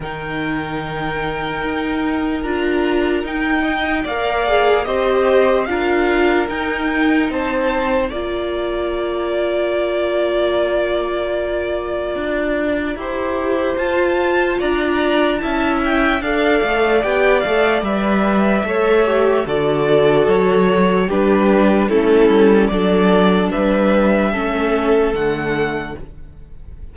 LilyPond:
<<
  \new Staff \with { instrumentName = "violin" } { \time 4/4 \tempo 4 = 74 g''2. ais''4 | g''4 f''4 dis''4 f''4 | g''4 a''4 ais''2~ | ais''1~ |
ais''4 a''4 ais''4 a''8 g''8 | f''4 g''8 f''8 e''2 | d''4 cis''4 b'4 a'4 | d''4 e''2 fis''4 | }
  \new Staff \with { instrumentName = "violin" } { \time 4/4 ais'1~ | ais'8 dis''8 d''4 c''4 ais'4~ | ais'4 c''4 d''2~ | d''1 |
c''2 d''4 e''4 | d''2. cis''4 | a'2 g'4 e'4 | a'4 b'4 a'2 | }
  \new Staff \with { instrumentName = "viola" } { \time 4/4 dis'2. f'4 | dis'4 ais'8 gis'8 g'4 f'4 | dis'2 f'2~ | f'1 |
g'4 f'2 e'4 | a'4 g'8 a'8 b'4 a'8 g'8 | fis'2 d'4 cis'4 | d'2 cis'4 a4 | }
  \new Staff \with { instrumentName = "cello" } { \time 4/4 dis2 dis'4 d'4 | dis'4 ais4 c'4 d'4 | dis'4 c'4 ais2~ | ais2. d'4 |
e'4 f'4 d'4 cis'4 | d'8 a8 b8 a8 g4 a4 | d4 fis4 g4 a8 g8 | fis4 g4 a4 d4 | }
>>